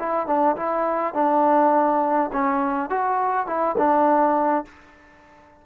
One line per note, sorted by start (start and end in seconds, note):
0.00 0.27 E4
0.27 0.56 D4
0.57 1.14 E4
1.14 2.31 D4
2.33 2.90 C#4
2.90 3.47 F#4
3.47 3.76 E4
3.78 4.66 D4